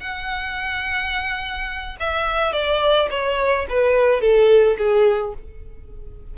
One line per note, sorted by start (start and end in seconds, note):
0.00 1.96 F#5
2.00 2.52 E5
2.52 3.08 D5
3.10 3.66 C#5
3.69 4.21 B4
4.21 4.77 A4
4.77 5.33 G#4